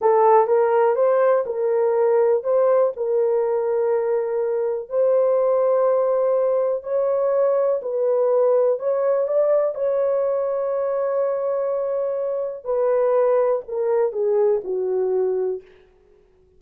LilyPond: \new Staff \with { instrumentName = "horn" } { \time 4/4 \tempo 4 = 123 a'4 ais'4 c''4 ais'4~ | ais'4 c''4 ais'2~ | ais'2 c''2~ | c''2 cis''2 |
b'2 cis''4 d''4 | cis''1~ | cis''2 b'2 | ais'4 gis'4 fis'2 | }